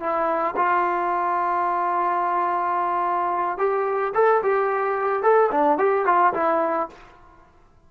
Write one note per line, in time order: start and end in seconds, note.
0.00 0.55 E4
0.57 3.58 F4
3.58 4.13 G4
4.15 4.42 A4
4.43 5.23 G4
5.23 5.50 A4
5.52 5.78 D4
5.78 6.06 G4
6.06 6.33 F4
6.34 6.89 E4